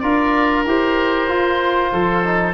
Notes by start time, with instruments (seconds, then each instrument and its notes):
0.00 tuba D4, trombone F4, oboe A#4 D5
0.66 tuba E4, trombone G4, oboe C5
1.28 trombone F4, tuba F4
1.92 tuba F3, oboe A4
2.24 trombone D#4